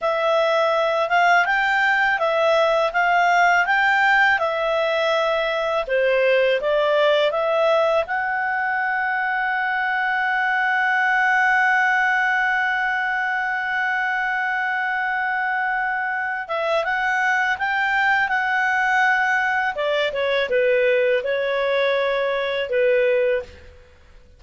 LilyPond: \new Staff \with { instrumentName = "clarinet" } { \time 4/4 \tempo 4 = 82 e''4. f''8 g''4 e''4 | f''4 g''4 e''2 | c''4 d''4 e''4 fis''4~ | fis''1~ |
fis''1~ | fis''2~ fis''8 e''8 fis''4 | g''4 fis''2 d''8 cis''8 | b'4 cis''2 b'4 | }